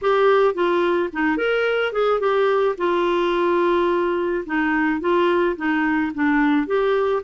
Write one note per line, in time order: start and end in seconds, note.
0.02 0.54 G4
0.54 1.09 F4
1.12 1.37 D#4
1.37 1.92 A#4
1.92 2.20 G#4
2.20 2.75 G4
2.77 4.44 F4
4.46 5.00 D#4
5.00 5.56 F4
5.56 6.11 D#4
6.14 6.67 D4
6.67 7.22 G4